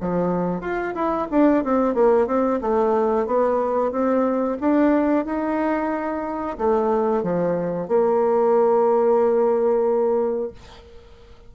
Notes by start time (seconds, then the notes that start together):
0.00 F3
0.60 F4
0.94 E4
1.31 D4
1.64 C4
1.94 A#3
2.27 C4
2.61 A3
3.26 B3
3.91 C4
4.60 D4
5.25 D#4
6.58 A3
7.23 F3
7.88 A#3